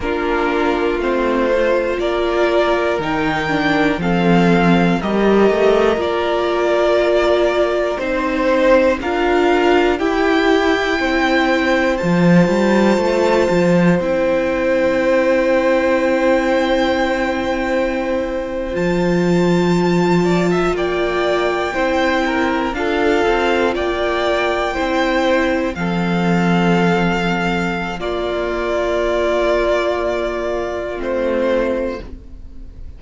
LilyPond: <<
  \new Staff \with { instrumentName = "violin" } { \time 4/4 \tempo 4 = 60 ais'4 c''4 d''4 g''4 | f''4 dis''4 d''2 | c''4 f''4 g''2 | a''2 g''2~ |
g''2~ g''8. a''4~ a''16~ | a''8. g''2 f''4 g''16~ | g''4.~ g''16 f''2~ f''16 | d''2. c''4 | }
  \new Staff \with { instrumentName = "violin" } { \time 4/4 f'2 ais'2 | a'4 ais'2. | c''4 ais'4 g'4 c''4~ | c''1~ |
c''1~ | c''16 d''16 e''16 d''4 c''8 ais'8 a'4 d''16~ | d''8. c''4 a'2~ a'16 | f'1 | }
  \new Staff \with { instrumentName = "viola" } { \time 4/4 d'4 c'8 f'4. dis'8 d'8 | c'4 g'4 f'2 | dis'4 f'4 e'2 | f'2 e'2~ |
e'2~ e'8. f'4~ f'16~ | f'4.~ f'16 e'4 f'4~ f'16~ | f'8. e'4 c'2~ c'16 | ais2. c'4 | }
  \new Staff \with { instrumentName = "cello" } { \time 4/4 ais4 a4 ais4 dis4 | f4 g8 a8 ais2 | c'4 d'4 e'4 c'4 | f8 g8 a8 f8 c'2~ |
c'2~ c'8. f4~ f16~ | f8. ais4 c'4 d'8 c'8 ais16~ | ais8. c'4 f2~ f16 | ais2. a4 | }
>>